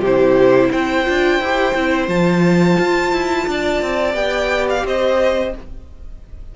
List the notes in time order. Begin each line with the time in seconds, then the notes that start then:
0.00 C3 G4 C5
0.07 E4
0.70 C4 C5 G5
1.06 D4 F4
1.40 E4 G4
1.75 C4 E4
2.08 F3 F4 A5
2.79 F4
3.13 E4
3.48 D4 D5
3.82 C4
4.13 B3 G4 G5
4.70 F5
4.85 C4 C5 D#5